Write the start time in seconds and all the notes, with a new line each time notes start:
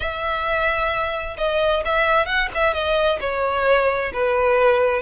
0.00 E5
1.37 D#5
1.85 E5
2.26 F#5
2.54 E5
2.73 D#5
3.20 C#5
4.13 B4